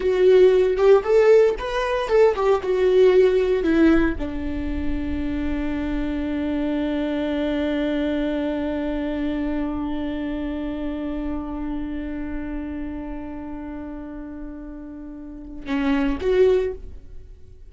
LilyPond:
\new Staff \with { instrumentName = "viola" } { \time 4/4 \tempo 4 = 115 fis'4. g'8 a'4 b'4 | a'8 g'8 fis'2 e'4 | d'1~ | d'1~ |
d'1~ | d'1~ | d'1~ | d'2 cis'4 fis'4 | }